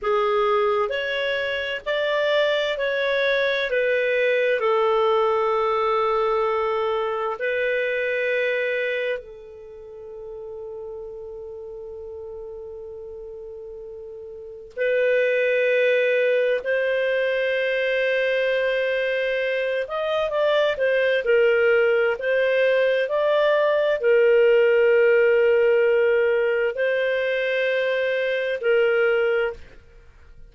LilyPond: \new Staff \with { instrumentName = "clarinet" } { \time 4/4 \tempo 4 = 65 gis'4 cis''4 d''4 cis''4 | b'4 a'2. | b'2 a'2~ | a'1 |
b'2 c''2~ | c''4. dis''8 d''8 c''8 ais'4 | c''4 d''4 ais'2~ | ais'4 c''2 ais'4 | }